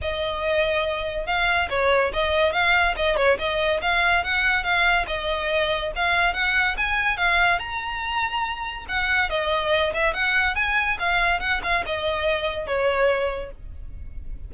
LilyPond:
\new Staff \with { instrumentName = "violin" } { \time 4/4 \tempo 4 = 142 dis''2. f''4 | cis''4 dis''4 f''4 dis''8 cis''8 | dis''4 f''4 fis''4 f''4 | dis''2 f''4 fis''4 |
gis''4 f''4 ais''2~ | ais''4 fis''4 dis''4. e''8 | fis''4 gis''4 f''4 fis''8 f''8 | dis''2 cis''2 | }